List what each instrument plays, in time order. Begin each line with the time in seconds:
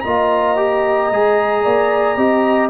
0.00 tuba A#3, trombone F4, horn D#5, trumpet A#5
0.56 trombone G4
1.11 tuba G#3, trombone G#4
1.64 tuba A#3, horn D5
2.17 tuba C4, trombone G4, horn D#5